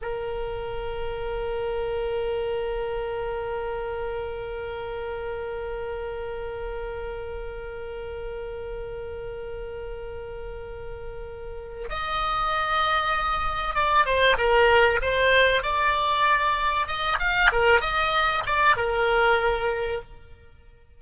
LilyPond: \new Staff \with { instrumentName = "oboe" } { \time 4/4 \tempo 4 = 96 ais'1~ | ais'1~ | ais'1~ | ais'1~ |
ais'2. dis''4~ | dis''2 d''8 c''8 ais'4 | c''4 d''2 dis''8 f''8 | ais'8 dis''4 d''8 ais'2 | }